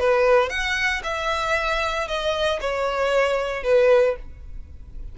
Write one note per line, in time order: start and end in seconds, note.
0.00 0.50 B4
0.50 1.02 F#5
1.04 2.08 E5
2.08 2.60 D#5
2.61 3.64 C#5
3.64 4.16 B4